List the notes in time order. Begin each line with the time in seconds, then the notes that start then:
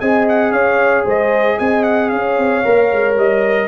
0.00 C4 G#4 D#5 G#5
0.28 F#5
0.51 C#4 C#5 F5
1.05 G#3 C5 D#5
1.58 C4 D#5 G#5
1.83 F#5
2.09 C#4 C#5 F5
2.38 C4
2.64 A#3 A#4
2.92 G#3
3.16 G3 D#5